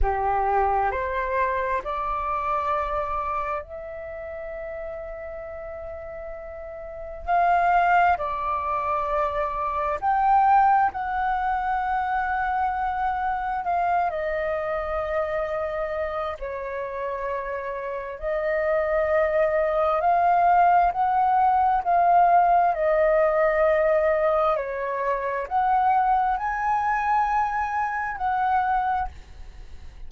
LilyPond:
\new Staff \with { instrumentName = "flute" } { \time 4/4 \tempo 4 = 66 g'4 c''4 d''2 | e''1 | f''4 d''2 g''4 | fis''2. f''8 dis''8~ |
dis''2 cis''2 | dis''2 f''4 fis''4 | f''4 dis''2 cis''4 | fis''4 gis''2 fis''4 | }